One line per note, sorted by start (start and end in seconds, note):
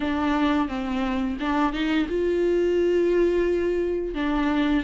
0.00 0.68 D4
0.68 1.37 C4
1.39 1.72 D4
1.72 2.07 D#4
2.08 4.14 F4
4.14 4.83 D4